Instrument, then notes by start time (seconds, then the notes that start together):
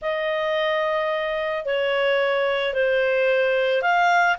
clarinet
0.01 D#5
1.65 C#5
2.73 C5
3.82 F5